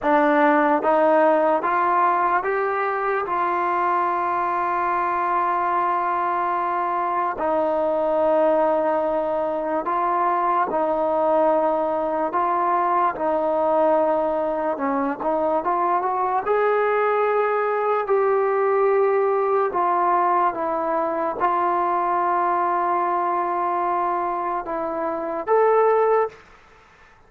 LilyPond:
\new Staff \with { instrumentName = "trombone" } { \time 4/4 \tempo 4 = 73 d'4 dis'4 f'4 g'4 | f'1~ | f'4 dis'2. | f'4 dis'2 f'4 |
dis'2 cis'8 dis'8 f'8 fis'8 | gis'2 g'2 | f'4 e'4 f'2~ | f'2 e'4 a'4 | }